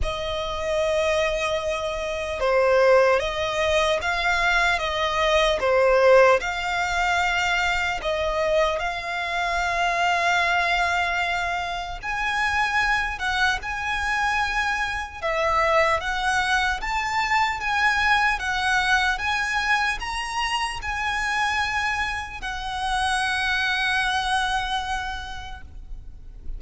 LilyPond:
\new Staff \with { instrumentName = "violin" } { \time 4/4 \tempo 4 = 75 dis''2. c''4 | dis''4 f''4 dis''4 c''4 | f''2 dis''4 f''4~ | f''2. gis''4~ |
gis''8 fis''8 gis''2 e''4 | fis''4 a''4 gis''4 fis''4 | gis''4 ais''4 gis''2 | fis''1 | }